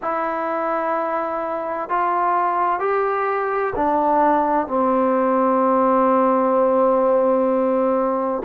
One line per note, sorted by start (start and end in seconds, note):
0.02 1.89 E4
1.89 2.79 F4
2.79 3.73 G4
3.75 4.67 D4
4.67 8.42 C4